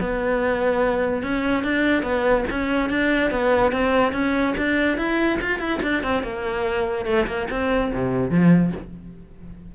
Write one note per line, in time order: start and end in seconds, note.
0.00 1.23 B3
1.23 1.64 C#4
1.64 2.03 D4
2.03 2.45 B3
2.50 2.90 C#4
2.90 3.31 D4
3.31 3.72 B3
3.72 4.13 C4
4.13 4.54 C#4
4.57 4.98 D4
4.98 5.39 E4
5.41 5.59 F4
5.59 5.80 E4
5.83 6.03 D4
6.03 6.23 C4
6.23 7.06 A#3
7.06 7.27 A3
7.27 7.48 A#3
7.51 7.92 C4
7.93 8.30 C3
8.30 8.72 F3